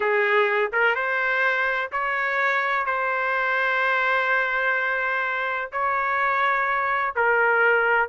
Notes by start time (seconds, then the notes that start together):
0.00 G#4
0.72 A#4
0.95 C5
1.92 C#5
2.85 C5
5.71 C#5
7.15 A#4